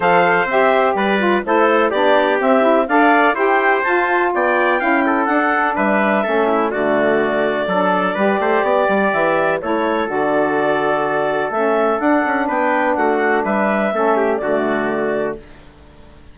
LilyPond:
<<
  \new Staff \with { instrumentName = "clarinet" } { \time 4/4 \tempo 4 = 125 f''4 e''4 d''4 c''4 | d''4 e''4 f''4 g''4 | a''4 g''2 fis''4 | e''2 d''2~ |
d''2. e''4 | cis''4 d''2. | e''4 fis''4 g''4 fis''4 | e''2 d''2 | }
  \new Staff \with { instrumentName = "trumpet" } { \time 4/4 c''2 b'4 a'4 | g'2 d''4 c''4~ | c''4 d''4 f''8 a'4. | b'4 a'8 e'8 fis'2 |
a'4 b'8 c''8 d''2 | a'1~ | a'2 b'4 fis'4 | b'4 a'8 g'8 fis'2 | }
  \new Staff \with { instrumentName = "saxophone" } { \time 4/4 a'4 g'4. f'8 e'4 | d'4 c'8 e'8 a'4 g'4 | f'2 e'4 d'4~ | d'4 cis'4 a2 |
d'4 g'2. | e'4 fis'2. | cis'4 d'2.~ | d'4 cis'4 a2 | }
  \new Staff \with { instrumentName = "bassoon" } { \time 4/4 f4 c'4 g4 a4 | b4 c'4 d'4 e'4 | f'4 b4 cis'4 d'4 | g4 a4 d2 |
fis4 g8 a8 b8 g8 e4 | a4 d2. | a4 d'8 cis'8 b4 a4 | g4 a4 d2 | }
>>